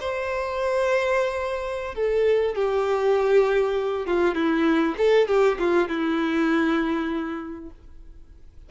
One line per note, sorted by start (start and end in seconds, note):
0.00 1.95 C5
1.95 2.55 A4
2.55 4.06 G4
4.06 4.35 F4
4.35 4.95 E4
4.97 5.28 A4
5.28 5.58 G4
5.59 5.88 F4
5.88 7.70 E4